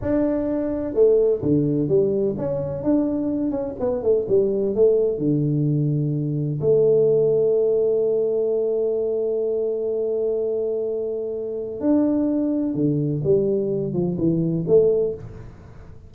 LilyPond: \new Staff \with { instrumentName = "tuba" } { \time 4/4 \tempo 4 = 127 d'2 a4 d4 | g4 cis'4 d'4. cis'8 | b8 a8 g4 a4 d4~ | d2 a2~ |
a1~ | a1~ | a4 d'2 d4 | g4. f8 e4 a4 | }